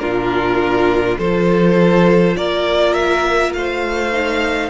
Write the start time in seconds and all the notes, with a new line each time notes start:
0.00 A#2 D4 F4 A#4
1.18 F3 F4 A4 C5
2.37 A#3 A#4 D5
2.93 E5
3.53 A3 C5 F5
4.13 D#4